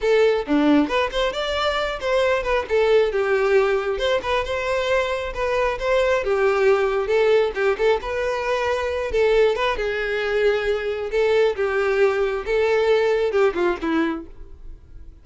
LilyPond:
\new Staff \with { instrumentName = "violin" } { \time 4/4 \tempo 4 = 135 a'4 d'4 b'8 c''8 d''4~ | d''8 c''4 b'8 a'4 g'4~ | g'4 c''8 b'8 c''2 | b'4 c''4 g'2 |
a'4 g'8 a'8 b'2~ | b'8 a'4 b'8 gis'2~ | gis'4 a'4 g'2 | a'2 g'8 f'8 e'4 | }